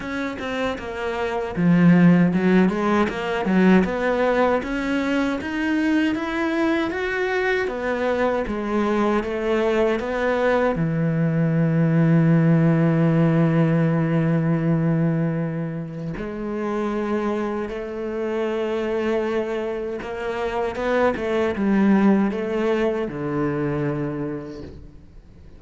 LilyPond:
\new Staff \with { instrumentName = "cello" } { \time 4/4 \tempo 4 = 78 cis'8 c'8 ais4 f4 fis8 gis8 | ais8 fis8 b4 cis'4 dis'4 | e'4 fis'4 b4 gis4 | a4 b4 e2~ |
e1~ | e4 gis2 a4~ | a2 ais4 b8 a8 | g4 a4 d2 | }